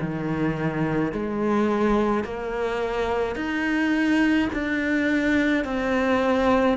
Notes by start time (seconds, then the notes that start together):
0.00 D#3
1.12 G#3
2.24 A#3
3.36 D#4
4.53 D4
5.64 C4